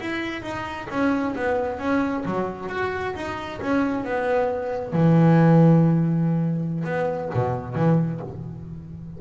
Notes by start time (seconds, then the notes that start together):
0.00 E4
0.42 D#4
0.90 C#4
1.36 B3
1.79 C#4
2.25 F#3
2.69 F#4
3.15 D#4
3.62 C#4
4.04 B3
4.93 E3
6.84 B3
7.34 B2
7.75 E3